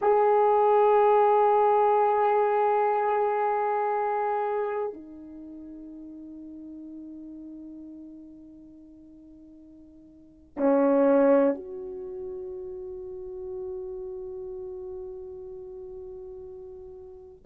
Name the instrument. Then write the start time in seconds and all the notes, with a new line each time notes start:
horn
0.01 G#4
4.93 D#4
10.56 C#4
11.54 F#4